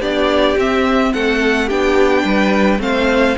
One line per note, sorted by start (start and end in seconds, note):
0.00 0.56 B3
0.00 0.57 D4
0.00 1.12 G4
0.00 0.57 D5
0.56 1.12 C4
0.56 1.69 C4
0.56 1.13 E5
1.13 1.70 A3
1.13 1.66 A4
1.13 1.69 F#5
1.66 2.24 B3
1.66 2.78 D4
1.66 2.23 G4
1.66 2.81 G5
2.24 2.79 G3
2.24 2.80 B4
2.78 3.35 A3
2.78 3.34 C4
2.78 3.37 C5
2.78 3.37 F5